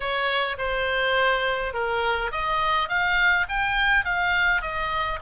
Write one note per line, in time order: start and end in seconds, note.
0.00 0.56 C#5
0.58 1.73 C5
1.73 2.31 A#4
2.31 2.88 D#5
2.88 3.46 F5
3.49 4.04 G5
4.04 4.61 F5
4.61 5.19 D#5